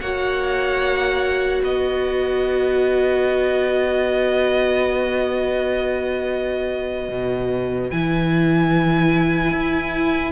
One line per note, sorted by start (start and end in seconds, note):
0.00 1.63 A#3
0.00 7.92 F#4
0.00 1.63 C#5
0.00 1.62 F#5
1.63 7.09 B3
1.63 10.32 B4
1.63 7.91 D#5
7.09 7.90 B2
7.91 9.52 E3
7.91 10.32 E4
7.91 10.32 G#5
9.52 10.32 E4